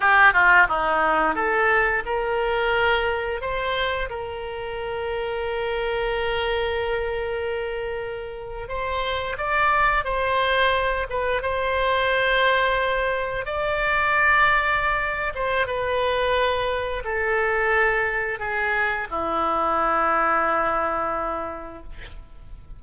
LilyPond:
\new Staff \with { instrumentName = "oboe" } { \time 4/4 \tempo 4 = 88 g'8 f'8 dis'4 a'4 ais'4~ | ais'4 c''4 ais'2~ | ais'1~ | ais'8. c''4 d''4 c''4~ c''16~ |
c''16 b'8 c''2. d''16~ | d''2~ d''8 c''8 b'4~ | b'4 a'2 gis'4 | e'1 | }